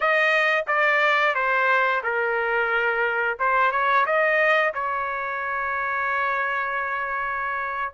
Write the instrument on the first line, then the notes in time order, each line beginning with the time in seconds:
trumpet
0.00 D#5
0.67 D5
1.34 C5
2.03 A#4
3.39 C5
3.71 C#5
4.05 D#5
4.73 C#5